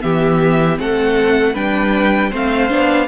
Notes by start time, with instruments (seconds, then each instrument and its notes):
0.00 cello E3, viola B3, violin G4 E5
0.77 cello A3, viola C4, violin A4 F#5
1.53 cello G3, viola D4, violin B4 G5
2.30 cello A3, viola C4, violin C5 F5
2.70 cello B3, viola D4